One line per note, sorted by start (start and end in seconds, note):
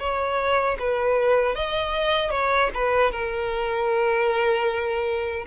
0.00 0.78 C#5
0.80 1.55 B4
1.55 2.31 D#5
2.31 2.70 C#5
2.74 3.12 B4
3.12 5.46 A#4